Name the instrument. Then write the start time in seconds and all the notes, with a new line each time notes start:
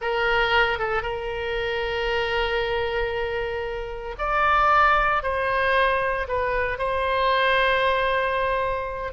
oboe
0.01 A#4
0.78 A4
1.02 A#4
4.18 D5
5.22 C5
6.28 B4
6.78 C5